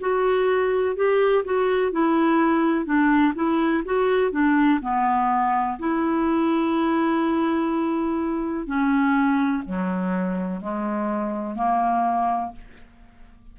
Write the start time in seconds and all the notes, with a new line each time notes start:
0.00 F#4
0.95 G4
1.44 F#4
1.91 E4
2.85 D4
3.35 E4
3.85 F#4
4.31 D4
4.81 B3
5.78 E4
8.66 C#4
9.65 F#3
10.61 G#3
11.55 A#3